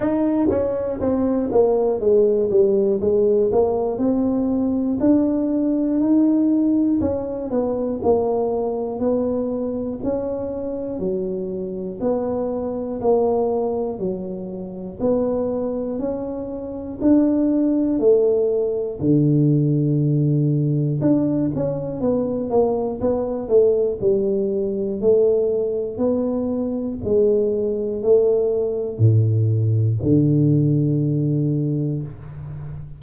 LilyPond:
\new Staff \with { instrumentName = "tuba" } { \time 4/4 \tempo 4 = 60 dis'8 cis'8 c'8 ais8 gis8 g8 gis8 ais8 | c'4 d'4 dis'4 cis'8 b8 | ais4 b4 cis'4 fis4 | b4 ais4 fis4 b4 |
cis'4 d'4 a4 d4~ | d4 d'8 cis'8 b8 ais8 b8 a8 | g4 a4 b4 gis4 | a4 a,4 d2 | }